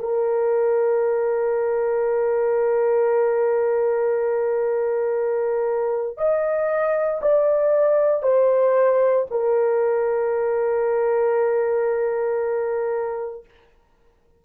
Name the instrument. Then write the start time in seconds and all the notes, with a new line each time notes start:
horn
0.00 A#4
6.18 D#5
7.22 D5
8.23 C5
9.31 A#4